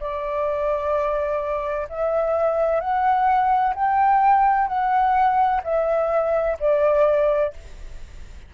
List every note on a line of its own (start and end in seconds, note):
0.00 1.87 D5
1.89 2.80 E5
2.80 3.74 F#5
3.75 4.67 G5
4.67 5.61 F#5
5.63 6.57 E5
6.60 7.53 D5